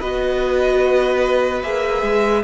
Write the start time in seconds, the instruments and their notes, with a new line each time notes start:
0.00 cello B3, viola F#4, violin B4 D#5
1.63 cello A#3, viola G#4, violin E5
2.02 cello G#3